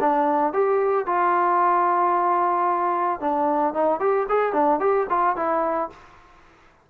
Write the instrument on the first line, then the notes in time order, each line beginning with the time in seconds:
trombone
0.00 D4
0.53 G4
1.06 F4
3.20 D4
3.74 D#4
4.00 G4
4.29 G#4
4.53 D4
4.80 G4
5.09 F4
5.36 E4